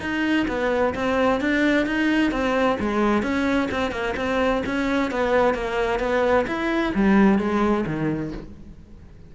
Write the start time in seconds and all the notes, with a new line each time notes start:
0.00 D#4
0.48 B3
0.94 C4
1.40 D4
1.86 D#4
2.31 C4
2.79 G#3
3.22 C#4
3.70 C4
3.91 A#3
4.16 C4
4.65 C#4
5.11 B3
5.54 A#3
5.99 B3
6.47 E4
6.94 G3
7.38 G#3
7.86 D#3